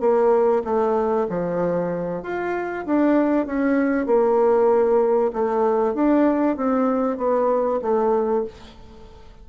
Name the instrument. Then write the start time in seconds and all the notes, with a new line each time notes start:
bassoon
0.00 A#3
0.64 A3
1.29 F3
2.22 F4
2.86 D4
3.46 C#4
4.06 A#3
5.33 A3
5.94 D4
6.57 C4
7.18 B3
7.82 A3